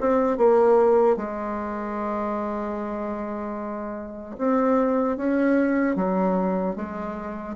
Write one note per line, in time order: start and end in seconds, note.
0.00 0.37 C4
0.37 1.16 A#3
1.16 4.36 G#3
4.37 5.17 C4
5.17 5.96 C#4
5.96 6.75 F#3
6.75 7.55 G#3